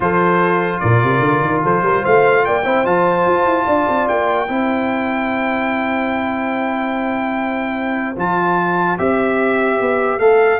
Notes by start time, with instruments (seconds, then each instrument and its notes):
0.00 tuba F3, trombone F4, horn A4, trumpet C5
0.79 tuba A#2, horn A#4, trumpet D5
1.03 tuba C3
1.19 tuba D3
1.41 tuba D#3
1.62 tuba F3, horn A4, trumpet C5
1.82 tuba G3, horn A#4
2.02 tuba A3, horn C5, trumpet F5
2.45 tuba A#3, horn D5, trumpet G5
2.64 tuba C4, trombone E4, horn C5
2.85 tuba F3, trombone F4, trumpet A5
3.26 tuba F4
3.45 tuba E4
3.66 tuba D4, horn D5
3.88 tuba C4
4.08 tuba A#3, trumpet G5
4.48 tuba C4, trombone E4, horn C5
8.16 tuba F3, trombone F4, trumpet A5
8.98 tuba C4, trombone G4, trumpet E5
9.80 tuba B3
10.18 tuba A3, trombone A4, trumpet F5